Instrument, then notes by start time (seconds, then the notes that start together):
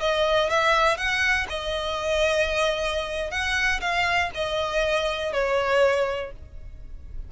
violin
0.00 D#5
0.49 E5
0.97 F#5
1.49 D#5
3.30 F#5
3.80 F5
4.34 D#5
5.33 C#5